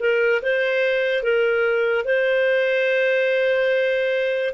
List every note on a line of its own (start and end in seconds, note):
0.00 0.42 A#4
0.43 1.23 C5
1.23 2.06 A#4
2.06 4.55 C5